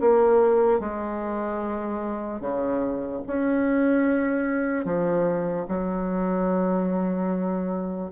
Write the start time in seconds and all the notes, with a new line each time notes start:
0.00 A#3
0.80 G#3
2.40 C#3
3.27 C#4
4.85 F3
5.68 F#3